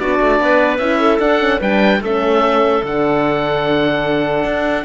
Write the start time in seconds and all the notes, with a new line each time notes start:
0.00 B3 D4 F#4 D5
0.21 A3
0.40 B3 B4
0.78 C#4 E4 E5
1.00 A4
1.20 D4 F#5
1.40 C#4
1.60 G3 D4 B4 G5
2.01 A3 C#4 A4 E5
2.83 D3 D4 F#5
4.45 D4